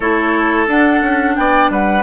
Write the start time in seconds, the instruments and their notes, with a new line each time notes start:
0.00 bassoon A3, clarinet E4, oboe A4, flute C#5
0.66 clarinet D4, bassoon D4, flute F#5
1.01 bassoon C#4
1.36 bassoon B3, oboe D5, flute G5
1.69 bassoon G3, oboe B4, flute F#5